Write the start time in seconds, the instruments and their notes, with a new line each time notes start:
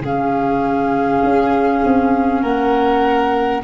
0.00 tuba C#3, clarinet C#4, violin G#4, flute F5
1.23 tuba C#4
1.84 tuba C4
2.42 tuba A#3, violin A#4, flute F#5